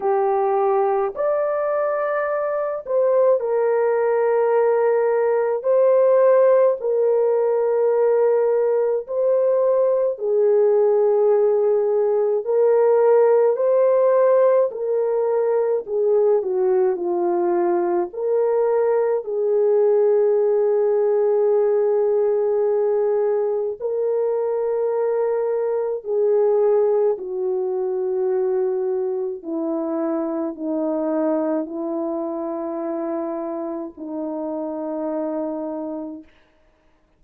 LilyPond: \new Staff \with { instrumentName = "horn" } { \time 4/4 \tempo 4 = 53 g'4 d''4. c''8 ais'4~ | ais'4 c''4 ais'2 | c''4 gis'2 ais'4 | c''4 ais'4 gis'8 fis'8 f'4 |
ais'4 gis'2.~ | gis'4 ais'2 gis'4 | fis'2 e'4 dis'4 | e'2 dis'2 | }